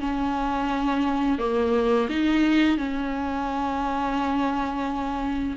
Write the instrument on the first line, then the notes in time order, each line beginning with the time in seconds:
viola
0.00 C#4
1.38 A#3
2.09 D#4
2.77 C#4